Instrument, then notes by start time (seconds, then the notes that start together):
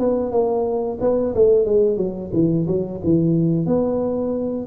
tuba
0.00 B3
0.32 A#3
1.01 B3
1.35 A3
1.66 G#3
1.98 F#3
2.33 E3
2.68 F#3
3.04 E3
3.67 B3